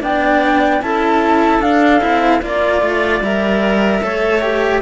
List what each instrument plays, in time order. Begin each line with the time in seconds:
0.00 cello B3 D4, clarinet D5, flute G5
0.81 cello C#4 E4, clarinet A4, flute A5
1.58 cello D4, flute F5
2.00 cello C4 E4
2.41 cello A#3 F4, flute D5, clarinet D5
2.81 cello A3
3.21 cello G3 A#4, flute E5
4.02 cello A3 A4, clarinet C#5
4.41 cello G4